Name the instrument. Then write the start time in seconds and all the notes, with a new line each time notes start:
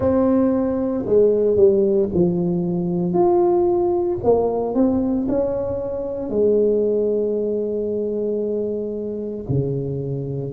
tuba
0.00 C4
1.06 G#3
1.56 G3
2.13 F3
3.13 F4
4.23 A#3
4.74 C4
5.28 C#4
6.29 G#3
9.48 C#3